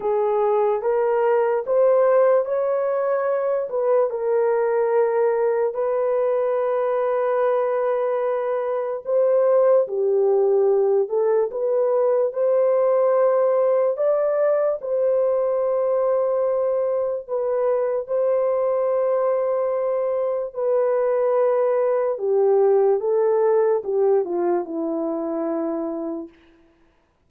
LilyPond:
\new Staff \with { instrumentName = "horn" } { \time 4/4 \tempo 4 = 73 gis'4 ais'4 c''4 cis''4~ | cis''8 b'8 ais'2 b'4~ | b'2. c''4 | g'4. a'8 b'4 c''4~ |
c''4 d''4 c''2~ | c''4 b'4 c''2~ | c''4 b'2 g'4 | a'4 g'8 f'8 e'2 | }